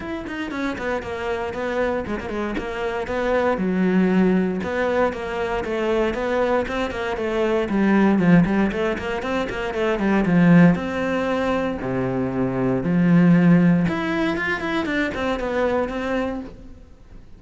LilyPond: \new Staff \with { instrumentName = "cello" } { \time 4/4 \tempo 4 = 117 e'8 dis'8 cis'8 b8 ais4 b4 | gis16 ais16 gis8 ais4 b4 fis4~ | fis4 b4 ais4 a4 | b4 c'8 ais8 a4 g4 |
f8 g8 a8 ais8 c'8 ais8 a8 g8 | f4 c'2 c4~ | c4 f2 e'4 | f'8 e'8 d'8 c'8 b4 c'4 | }